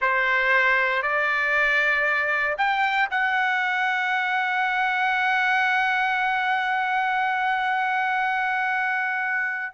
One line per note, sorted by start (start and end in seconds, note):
0.01 1.02 C5
1.02 2.56 D5
2.57 3.09 G5
3.10 9.73 F#5